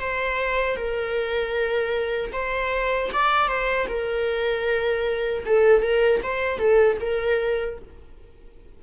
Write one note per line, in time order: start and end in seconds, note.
0.00 0.76 C5
0.76 2.32 A#4
2.32 3.10 C5
3.13 3.48 D5
3.48 3.87 C5
3.88 5.44 A#4
5.46 5.82 A4
5.82 6.21 A#4
6.23 6.58 C5
6.58 6.97 A4
7.01 7.79 A#4